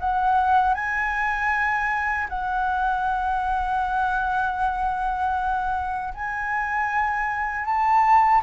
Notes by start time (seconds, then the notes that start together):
0.00 F#5
0.74 G#5
2.29 F#5
6.14 G#5
7.65 A5